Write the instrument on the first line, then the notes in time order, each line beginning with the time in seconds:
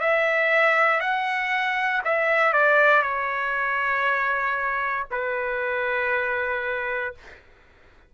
trumpet
0.00 E5
1.00 F#5
2.04 E5
2.53 D5
3.02 C#5
5.11 B4